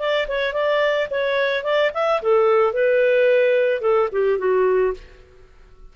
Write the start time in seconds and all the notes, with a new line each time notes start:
0.00 D5
0.29 C#5
0.54 D5
1.11 C#5
1.64 D5
1.94 E5
2.22 A4
2.74 B4
3.82 A4
4.13 G4
4.39 F#4